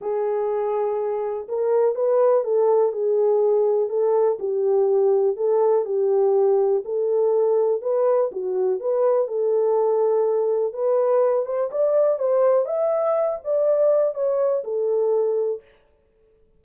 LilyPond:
\new Staff \with { instrumentName = "horn" } { \time 4/4 \tempo 4 = 123 gis'2. ais'4 | b'4 a'4 gis'2 | a'4 g'2 a'4 | g'2 a'2 |
b'4 fis'4 b'4 a'4~ | a'2 b'4. c''8 | d''4 c''4 e''4. d''8~ | d''4 cis''4 a'2 | }